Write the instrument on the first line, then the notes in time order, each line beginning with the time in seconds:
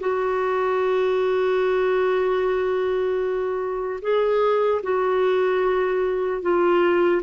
clarinet
0.00 F#4
4.02 G#4
4.83 F#4
6.42 F4